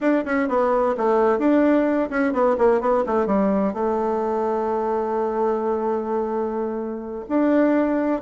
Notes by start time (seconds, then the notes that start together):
0.00 D4
0.25 C#4
0.48 B3
0.97 A3
1.38 D4
2.10 C#4
2.32 B3
2.58 A#3
2.80 B3
3.06 A3
3.26 G3
3.73 A3
7.28 D4